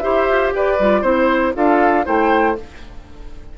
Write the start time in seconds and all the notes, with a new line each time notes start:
0.00 E4 G4 C5 E5
0.29 F4
0.52 G4 B4 D5
0.79 G3 F4
1.01 C4 E4 C5
1.54 D4 F4 A4 F5
2.04 A3 E4 C5 G5